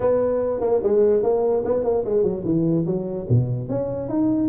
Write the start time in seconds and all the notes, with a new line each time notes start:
0.00 B3
0.60 A#3
0.83 G#3
1.22 A#3
1.64 B3
1.84 A#3
2.04 G#3
2.23 F#3
2.44 E3
2.86 F#3
3.29 B2
3.68 C#4
4.09 D#4